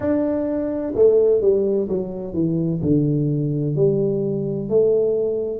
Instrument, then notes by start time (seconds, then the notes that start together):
tuba
0.00 D4
0.95 A3
1.41 G3
1.88 F#3
2.33 E3
2.81 D3
3.75 G3
4.69 A3